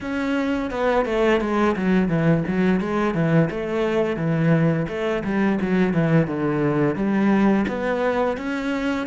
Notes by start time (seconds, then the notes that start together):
0.01 C#4
0.70 B3
1.05 A3
1.40 G#3
1.76 F#3
2.08 E3
2.47 F#3
2.80 G#3
3.14 E3
3.50 A3
4.16 E3
4.88 A3
5.24 G3
5.61 F#3
5.93 E3
6.27 D3
6.95 G3
7.68 B3
8.37 C#4